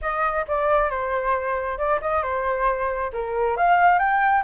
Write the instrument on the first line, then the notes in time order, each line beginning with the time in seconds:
flute
0.01 D#5
0.47 D5
0.90 C5
1.78 D5
2.01 D#5
2.22 C5
3.12 A#4
3.57 F5
3.98 G5